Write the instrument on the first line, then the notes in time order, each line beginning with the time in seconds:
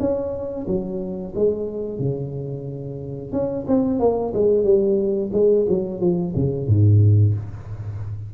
tuba
0.00 C#4
0.67 F#3
1.35 G#3
1.99 C#3
3.32 C#4
3.68 C4
4.00 A#3
4.34 G#3
4.64 G3
5.33 G#3
5.69 F#3
6.01 F3
6.35 C#3
6.68 G#2